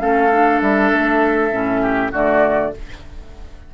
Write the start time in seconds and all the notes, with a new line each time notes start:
0.00 A3 C#4 A4 F5
0.32 D4
0.61 G3 E5
0.93 A3
1.51 A2 C#4
1.82 G4
2.12 D3 A3 F#4 D5